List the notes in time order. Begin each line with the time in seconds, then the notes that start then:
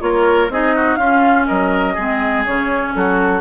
0.00 A#3 F4 A#4 C#5
0.49 C4 D#4 G#4 D#5
0.76 F#4
0.96 C#4 F4 F5
1.47 F#3 A#4 D#5
1.94 G#3 C4 G#4
2.46 C#3 C#4 C#5
2.95 F#3 F#4 A4